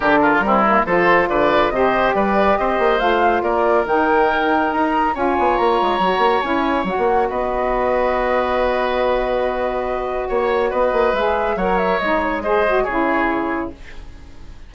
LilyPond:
<<
  \new Staff \with { instrumentName = "flute" } { \time 4/4 \tempo 4 = 140 ais'2 c''4 d''4 | dis''4 d''4 dis''4 f''4 | d''4 g''2 ais''4 | gis''4 ais''2 gis''4 |
fis''4 dis''2.~ | dis''1 | cis''4 dis''4 e''4 fis''8 e''8 | dis''8 cis''8 dis''4 cis''2 | }
  \new Staff \with { instrumentName = "oboe" } { \time 4/4 g'8 f'8 e'4 a'4 b'4 | c''4 b'4 c''2 | ais'1 | cis''1~ |
cis''4 b'2.~ | b'1 | cis''4 b'2 cis''4~ | cis''4 c''4 gis'2 | }
  \new Staff \with { instrumentName = "saxophone" } { \time 4/4 d'4 c'8 ais8 f'2 | g'2. f'4~ | f'4 dis'2. | f'2 fis'4 e'4 |
fis'1~ | fis'1~ | fis'2 gis'4 ais'4 | dis'4 gis'8 fis'8 e'2 | }
  \new Staff \with { instrumentName = "bassoon" } { \time 4/4 d4 g4 f4 d4 | c4 g4 c'8 ais8 a4 | ais4 dis2 dis'4 | cis'8 b8 ais8 gis8 fis8 ais8 cis'4 |
fis16 ais8. b2.~ | b1 | ais4 b8 ais8 gis4 fis4 | gis2 cis2 | }
>>